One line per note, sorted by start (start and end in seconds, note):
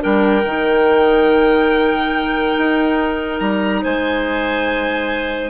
0.00 0.44 G3
0.00 0.42 D4
0.00 3.82 A#4
0.00 3.40 G5
0.44 2.56 D#3
0.44 5.50 D#4
2.58 3.41 D#4
3.40 3.83 G3
3.40 3.82 A#5
3.82 5.50 G#3
3.82 5.50 C5
3.82 5.50 G#5